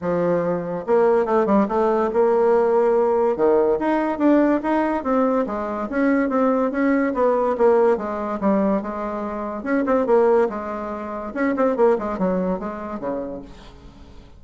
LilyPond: \new Staff \with { instrumentName = "bassoon" } { \time 4/4 \tempo 4 = 143 f2 ais4 a8 g8 | a4 ais2. | dis4 dis'4 d'4 dis'4 | c'4 gis4 cis'4 c'4 |
cis'4 b4 ais4 gis4 | g4 gis2 cis'8 c'8 | ais4 gis2 cis'8 c'8 | ais8 gis8 fis4 gis4 cis4 | }